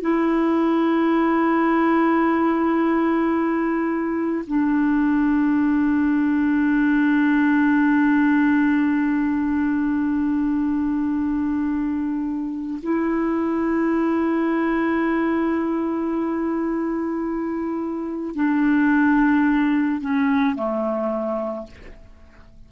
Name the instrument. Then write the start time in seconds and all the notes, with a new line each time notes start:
clarinet
0.00 E4
4.46 D4
12.82 E4
18.35 D4
20.01 C#4
20.55 A3